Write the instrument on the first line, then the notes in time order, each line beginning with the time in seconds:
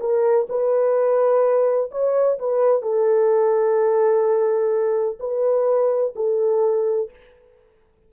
horn
0.00 A#4
0.49 B4
1.91 C#5
2.39 B4
2.82 A4
5.19 B4
6.16 A4